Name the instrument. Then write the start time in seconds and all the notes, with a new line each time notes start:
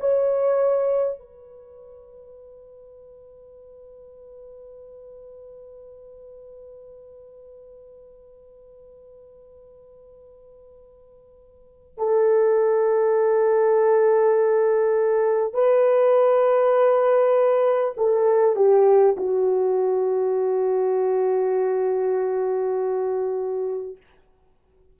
horn
0.00 C#5
1.19 B4
11.97 A4
15.54 B4
17.97 A4
18.56 G4
19.17 F#4